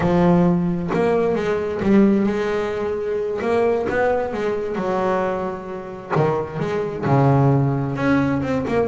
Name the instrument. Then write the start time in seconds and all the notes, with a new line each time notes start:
double bass
0.00 F3
0.93 A#3
1.35 G#3
1.82 G3
2.26 G#3
3.41 A#3
3.89 B3
4.33 G#3
4.75 F#3
6.15 D#3
6.59 G#3
7.05 C#3
7.96 C#4
8.42 C4
8.67 A#3